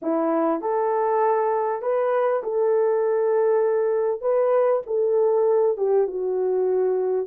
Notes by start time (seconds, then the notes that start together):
0.02 E4
0.61 A4
1.82 B4
2.43 A4
4.21 B4
4.86 A4
5.77 G4
6.07 F#4